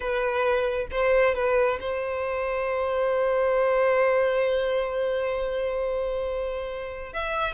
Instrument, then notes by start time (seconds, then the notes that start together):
violin
0.00 B4
0.91 C5
1.35 B4
1.80 C5
7.13 E5